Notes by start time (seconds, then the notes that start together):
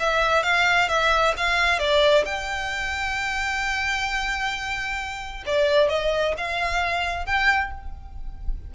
0.00 E5
0.43 F5
0.89 E5
1.37 F5
1.79 D5
2.26 G5
5.46 D5
5.89 D#5
6.38 F5
7.26 G5